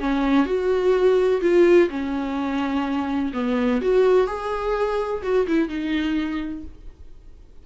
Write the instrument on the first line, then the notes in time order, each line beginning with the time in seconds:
viola
0.00 C#4
0.46 F#4
1.41 F4
1.90 C#4
3.34 B3
3.82 F#4
4.27 G#4
5.23 F#4
5.48 E4
5.69 D#4